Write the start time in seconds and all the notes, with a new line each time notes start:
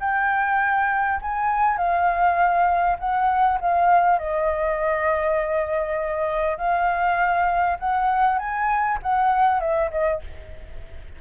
0.00 G5
1.22 G#5
1.78 F5
2.99 F#5
3.61 F5
4.19 D#5
6.58 F5
7.79 F#5
8.39 G#5
9.02 F#5
9.61 E5
9.91 D#5